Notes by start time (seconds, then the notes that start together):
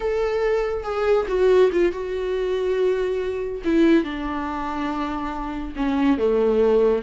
0.00 A4
0.83 G#4
1.27 F#4
1.72 F4
1.91 F#4
3.64 E4
4.04 D4
5.76 C#4
6.17 A3